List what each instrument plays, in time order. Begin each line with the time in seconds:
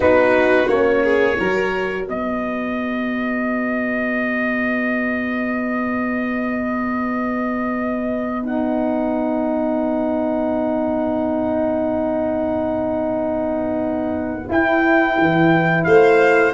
0.00 tuba B3, horn D#4, violin F#4, trumpet B4
0.68 tuba A#3, horn C#4, trumpet C#5
1.03 violin G#4
1.36 tuba F#3, horn F#4, violin A#4
2.07 tuba B3, violin B4, trumpet D#5
8.42 horn D#4, trumpet F#5
14.48 tuba E4, horn E4, trumpet G5
15.17 tuba E3
15.83 tuba A3, violin C5, trumpet F5